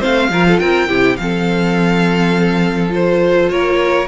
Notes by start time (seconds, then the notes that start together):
0.00 A3 C4 C5 F5
0.30 F3 F4 A#4
0.47 A4
0.59 C4 A#4 G5
0.89 C3 E4 G4
1.17 F3 C4 A4 F5
2.90 F4 C5
3.50 A#3 A#4 C#5